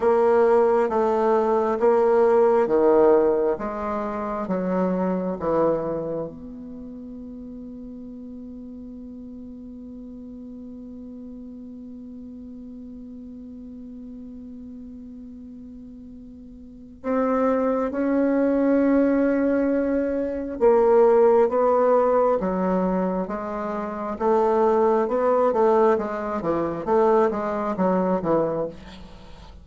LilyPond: \new Staff \with { instrumentName = "bassoon" } { \time 4/4 \tempo 4 = 67 ais4 a4 ais4 dis4 | gis4 fis4 e4 b4~ | b1~ | b1~ |
b2. c'4 | cis'2. ais4 | b4 fis4 gis4 a4 | b8 a8 gis8 e8 a8 gis8 fis8 e8 | }